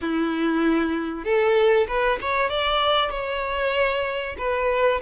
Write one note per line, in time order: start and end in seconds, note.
0.01 1.24 E4
1.24 1.87 A4
1.87 2.18 B4
2.21 2.49 C#5
2.49 3.10 D5
3.10 4.35 C#5
4.38 5.00 B4